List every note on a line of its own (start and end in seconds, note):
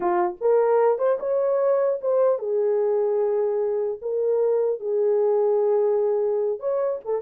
0.00 0.36 F4
0.40 0.98 A#4
0.98 1.18 C5
1.19 1.99 C#5
2.01 2.39 C5
2.39 3.99 G#4
4.01 4.80 A#4
4.80 6.59 G#4
6.59 6.99 C#5
7.04 7.21 A4